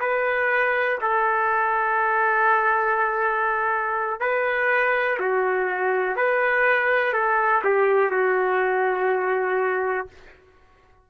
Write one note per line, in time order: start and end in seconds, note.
0.00 0.98 B4
1.01 4.20 A4
4.20 5.18 B4
5.19 6.16 F#4
6.16 7.13 B4
7.13 7.62 A4
7.64 8.11 G4
8.11 10.07 F#4